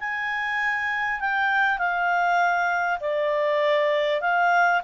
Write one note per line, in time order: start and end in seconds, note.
0.00 1.20 G#5
1.20 1.78 G5
1.78 2.99 F5
3.00 4.21 D5
4.21 4.82 F5